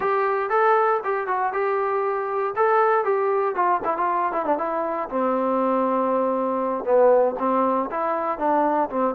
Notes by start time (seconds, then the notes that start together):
0.00 G4
0.49 A4
1.04 G4
1.27 F#4
1.53 G4
2.56 A4
3.04 G4
3.55 F4
3.84 E4
3.97 F4
4.32 E4
4.45 D4
4.58 E4
5.09 C4
6.84 B3
7.38 C4
7.90 E4
8.38 D4
8.89 C4